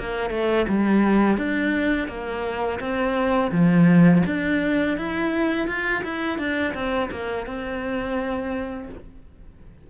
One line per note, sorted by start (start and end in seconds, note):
0.00 0.31 A#3
0.31 0.67 A3
0.69 1.38 G3
1.38 2.08 D4
2.08 2.80 A#3
2.80 3.52 C4
3.52 4.23 F3
4.27 4.98 D4
4.98 5.68 E4
5.68 6.04 F4
6.04 6.39 E4
6.39 6.74 D4
6.75 7.10 C4
7.12 7.47 A#3
7.47 8.90 C4